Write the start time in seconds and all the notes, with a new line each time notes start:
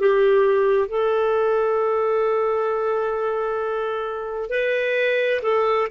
0.00 G4
0.88 A4
4.50 B4
5.42 A4